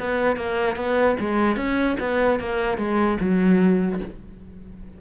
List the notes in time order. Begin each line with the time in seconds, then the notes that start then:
0.00 B3
0.36 A#3
0.76 B3
1.20 G#3
1.56 C#4
2.00 B3
2.40 A#3
2.77 G#3
3.20 F#3